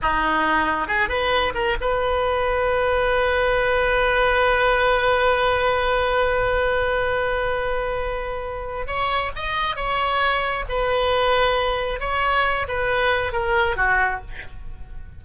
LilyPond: \new Staff \with { instrumentName = "oboe" } { \time 4/4 \tempo 4 = 135 dis'2 gis'8 b'4 ais'8 | b'1~ | b'1~ | b'1~ |
b'1 | cis''4 dis''4 cis''2 | b'2. cis''4~ | cis''8 b'4. ais'4 fis'4 | }